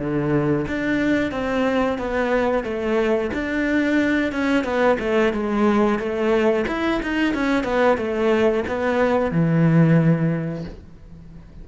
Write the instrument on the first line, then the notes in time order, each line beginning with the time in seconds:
cello
0.00 D3
0.68 D4
1.32 C4
1.99 B3
2.64 A3
3.34 D4
4.33 C#4
4.65 B3
5.00 A3
5.34 G#3
5.99 A3
6.68 E4
7.03 D#4
7.35 C#4
7.65 B3
7.98 A3
8.68 B3
9.32 E3